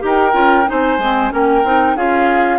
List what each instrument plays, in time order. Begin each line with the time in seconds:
0.00 bassoon D#4, clarinet G4, oboe A#4
0.06 flute G5
0.33 bassoon C#4, clarinet F4
0.66 bassoon C4, clarinet D#4, oboe C5, flute G#5
0.98 bassoon G#3, clarinet C4
1.30 bassoon A#3, clarinet C#4, oboe A#4, flute G5
1.64 bassoon C4, clarinet D#4
1.96 bassoon C#4, clarinet F4, oboe G#4, flute F5